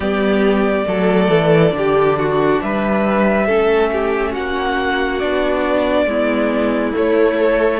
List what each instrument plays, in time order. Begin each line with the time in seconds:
0.00 cello G3, viola B3, violin G4 D5
0.85 cello F#3, viola A3, violin A4
1.28 cello E3
1.70 cello D3, viola D4
1.77 violin G4
2.18 violin F#4
2.61 cello G3, violin B4 E5
3.46 cello A3, viola C#4, violin A4
3.92 violin G4
4.31 cello A#3, violin F#4 F#5
5.19 cello B3, viola D4, violin D5
6.05 cello G#3, viola B3, violin E4
6.93 viola A3, cello A3, violin C#5
7.38 viola A4